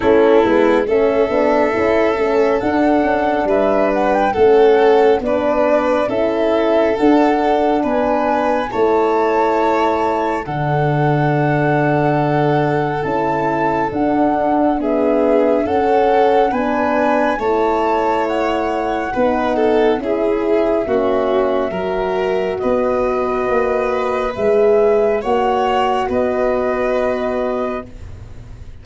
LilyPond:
<<
  \new Staff \with { instrumentName = "flute" } { \time 4/4 \tempo 4 = 69 a'4 e''2 fis''4 | e''8 fis''16 g''16 fis''4 d''4 e''4 | fis''4 gis''4 a''2 | fis''2. a''4 |
fis''4 e''4 fis''4 gis''4 | a''4 fis''2 e''4~ | e''2 dis''2 | e''4 fis''4 dis''2 | }
  \new Staff \with { instrumentName = "violin" } { \time 4/4 e'4 a'2. | b'4 a'4 b'4 a'4~ | a'4 b'4 cis''2 | a'1~ |
a'4 gis'4 a'4 b'4 | cis''2 b'8 a'8 gis'4 | fis'4 ais'4 b'2~ | b'4 cis''4 b'2 | }
  \new Staff \with { instrumentName = "horn" } { \time 4/4 cis'8 b8 cis'8 d'8 e'8 cis'8 d'4~ | d'4 cis'4 d'4 e'4 | d'2 e'2 | d'2. e'4 |
d'4 b4 cis'4 d'4 | e'2 dis'4 e'4 | cis'4 fis'2. | gis'4 fis'2. | }
  \new Staff \with { instrumentName = "tuba" } { \time 4/4 a8 gis8 a8 b8 cis'8 a8 d'8 cis'8 | g4 a4 b4 cis'4 | d'4 b4 a2 | d2. cis'4 |
d'2 cis'4 b4 | a2 b4 cis'4 | ais4 fis4 b4 ais4 | gis4 ais4 b2 | }
>>